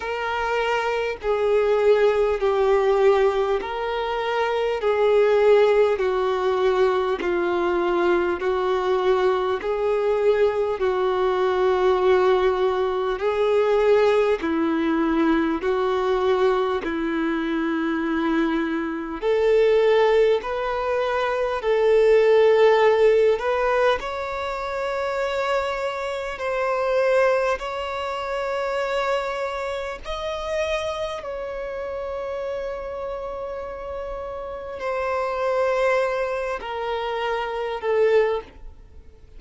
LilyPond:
\new Staff \with { instrumentName = "violin" } { \time 4/4 \tempo 4 = 50 ais'4 gis'4 g'4 ais'4 | gis'4 fis'4 f'4 fis'4 | gis'4 fis'2 gis'4 | e'4 fis'4 e'2 |
a'4 b'4 a'4. b'8 | cis''2 c''4 cis''4~ | cis''4 dis''4 cis''2~ | cis''4 c''4. ais'4 a'8 | }